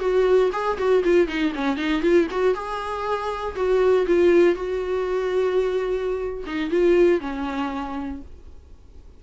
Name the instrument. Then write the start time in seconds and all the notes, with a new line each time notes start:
viola
0.00 F#4
0.52 G#4
0.78 F#4
1.04 F4
1.28 D#4
1.55 C#4
1.77 D#4
2.02 F4
2.31 F#4
2.54 G#4
3.55 F#4
4.07 F4
4.55 F#4
6.47 D#4
6.70 F4
7.20 C#4